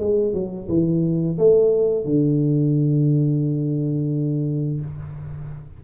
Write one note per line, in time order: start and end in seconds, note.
0.00 0.34 G#3
0.34 0.68 F#3
0.69 1.38 E3
1.39 2.05 A3
2.05 4.81 D3